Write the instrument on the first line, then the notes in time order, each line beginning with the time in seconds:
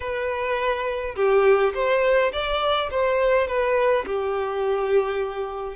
violin
0.00 B4
1.15 G4
1.74 C5
2.32 D5
2.90 C5
3.47 B4
4.06 G4